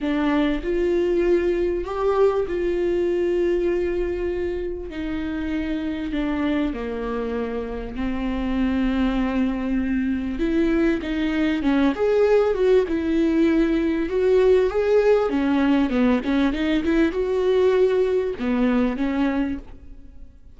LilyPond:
\new Staff \with { instrumentName = "viola" } { \time 4/4 \tempo 4 = 98 d'4 f'2 g'4 | f'1 | dis'2 d'4 ais4~ | ais4 c'2.~ |
c'4 e'4 dis'4 cis'8 gis'8~ | gis'8 fis'8 e'2 fis'4 | gis'4 cis'4 b8 cis'8 dis'8 e'8 | fis'2 b4 cis'4 | }